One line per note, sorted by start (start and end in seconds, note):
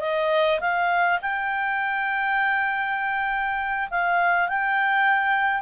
0.00 0.59 D#5
0.60 1.19 F5
1.22 3.89 G5
3.90 4.49 F5
4.49 5.61 G5